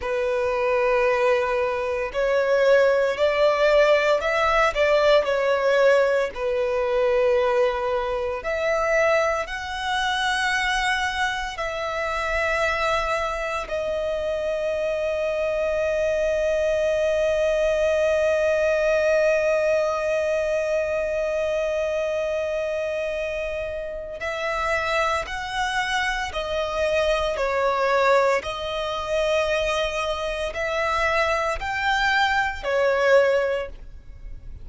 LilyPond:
\new Staff \with { instrumentName = "violin" } { \time 4/4 \tempo 4 = 57 b'2 cis''4 d''4 | e''8 d''8 cis''4 b'2 | e''4 fis''2 e''4~ | e''4 dis''2.~ |
dis''1~ | dis''2. e''4 | fis''4 dis''4 cis''4 dis''4~ | dis''4 e''4 g''4 cis''4 | }